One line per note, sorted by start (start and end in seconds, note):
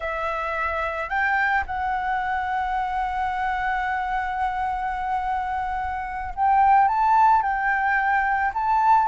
0.00 1.09 E5
1.09 1.64 G5
1.66 6.34 F#5
6.35 6.88 G5
6.88 7.42 A5
7.42 8.52 G5
8.54 9.07 A5